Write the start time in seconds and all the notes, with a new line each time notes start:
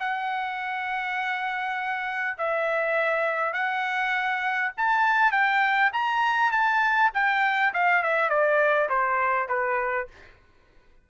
0.00 F#5
2.38 E5
3.54 F#5
4.78 A5
5.32 G5
5.93 A#5
6.52 A5
7.14 G5
7.74 F5
8.03 E5
8.30 D5
8.90 C5
9.49 B4